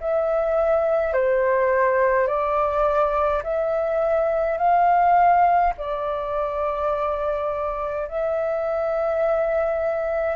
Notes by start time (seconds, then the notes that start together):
0.00 E5
1.13 C5
2.27 D5
3.43 E5
4.57 F5
5.77 D5
8.08 E5